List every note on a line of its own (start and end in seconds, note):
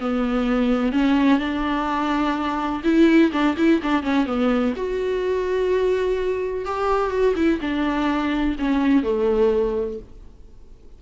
0.00 0.92 B3
0.92 1.39 C#4
1.39 2.82 D4
2.84 3.32 E4
3.32 3.56 D4
3.57 3.81 E4
3.83 4.03 D4
4.03 4.26 C#4
4.26 4.74 B3
4.76 6.66 F#4
6.66 7.11 G4
7.11 7.34 F#4
7.36 7.60 E4
7.61 8.56 D4
8.59 9.03 C#4
9.03 9.98 A3